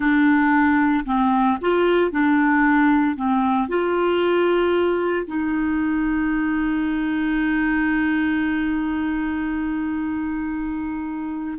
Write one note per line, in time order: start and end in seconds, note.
0.00 1.04 D4
1.05 1.58 C4
1.61 2.11 F4
2.11 3.16 D4
3.16 3.68 C4
3.68 5.26 F4
5.26 11.58 D#4